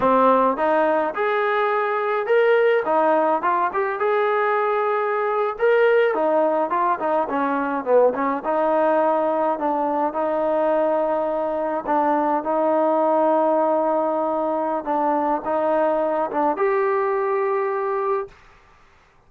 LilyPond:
\new Staff \with { instrumentName = "trombone" } { \time 4/4 \tempo 4 = 105 c'4 dis'4 gis'2 | ais'4 dis'4 f'8 g'8 gis'4~ | gis'4.~ gis'16 ais'4 dis'4 f'16~ | f'16 dis'8 cis'4 b8 cis'8 dis'4~ dis'16~ |
dis'8. d'4 dis'2~ dis'16~ | dis'8. d'4 dis'2~ dis'16~ | dis'2 d'4 dis'4~ | dis'8 d'8 g'2. | }